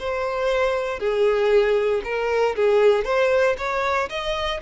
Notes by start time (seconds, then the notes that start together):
0.00 C5
1.00 G#4
2.05 A#4
2.56 G#4
3.05 C5
3.58 C#5
4.10 D#5